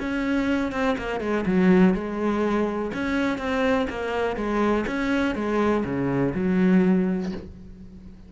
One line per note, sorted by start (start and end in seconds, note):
0.00 0.72 C#4
0.72 0.97 C4
0.98 1.21 A#3
1.21 1.45 G#3
1.46 1.94 F#3
1.94 2.92 G#3
2.94 3.38 C#4
3.38 3.87 C4
3.90 4.37 A#3
4.37 4.85 G#3
4.87 5.35 C#4
5.35 5.84 G#3
5.85 6.34 C#3
6.35 7.32 F#3